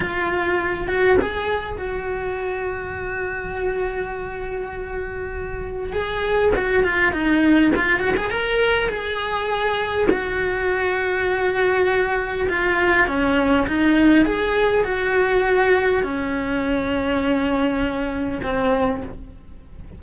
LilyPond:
\new Staff \with { instrumentName = "cello" } { \time 4/4 \tempo 4 = 101 f'4. fis'8 gis'4 fis'4~ | fis'1~ | fis'2 gis'4 fis'8 f'8 | dis'4 f'8 fis'16 gis'16 ais'4 gis'4~ |
gis'4 fis'2.~ | fis'4 f'4 cis'4 dis'4 | gis'4 fis'2 cis'4~ | cis'2. c'4 | }